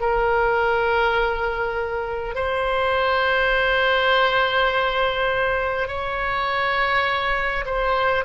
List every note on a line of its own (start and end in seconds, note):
0.00 2.35 A#4
2.35 5.88 C5
5.88 7.64 C#5
7.65 8.24 C5